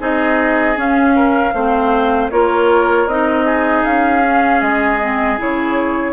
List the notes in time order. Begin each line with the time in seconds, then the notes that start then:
0.00 C4 D#4 G#4 D#5
0.77 C#4 F5
1.16 A#4
1.54 A3 C4 C5
2.31 A#3 F4 A#4 C#5
3.07 C4 D#4 D#5
3.46 G#4
3.85 C#4 F5
4.23 C#4
4.62 G#3 D#5
5.01 C4
5.38 C#3 E4 C#5